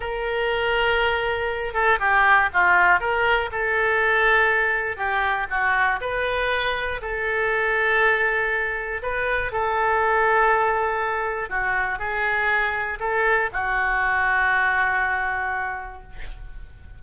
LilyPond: \new Staff \with { instrumentName = "oboe" } { \time 4/4 \tempo 4 = 120 ais'2.~ ais'8 a'8 | g'4 f'4 ais'4 a'4~ | a'2 g'4 fis'4 | b'2 a'2~ |
a'2 b'4 a'4~ | a'2. fis'4 | gis'2 a'4 fis'4~ | fis'1 | }